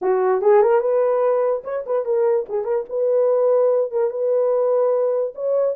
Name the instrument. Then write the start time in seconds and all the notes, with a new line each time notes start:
horn
0.01 F#4
0.41 G#4
0.62 A#4
0.80 B4
1.64 C#5
1.86 B4
2.05 A#4
2.48 G#4
2.64 A#4
2.89 B4
3.91 A#4
4.10 B4
5.34 C#5